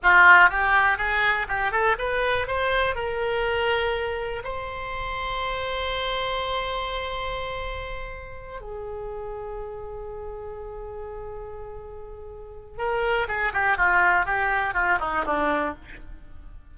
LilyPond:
\new Staff \with { instrumentName = "oboe" } { \time 4/4 \tempo 4 = 122 f'4 g'4 gis'4 g'8 a'8 | b'4 c''4 ais'2~ | ais'4 c''2.~ | c''1~ |
c''4. gis'2~ gis'8~ | gis'1~ | gis'2 ais'4 gis'8 g'8 | f'4 g'4 f'8 dis'8 d'4 | }